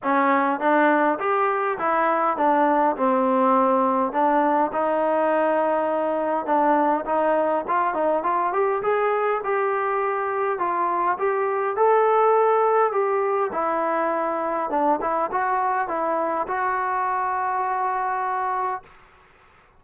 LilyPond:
\new Staff \with { instrumentName = "trombone" } { \time 4/4 \tempo 4 = 102 cis'4 d'4 g'4 e'4 | d'4 c'2 d'4 | dis'2. d'4 | dis'4 f'8 dis'8 f'8 g'8 gis'4 |
g'2 f'4 g'4 | a'2 g'4 e'4~ | e'4 d'8 e'8 fis'4 e'4 | fis'1 | }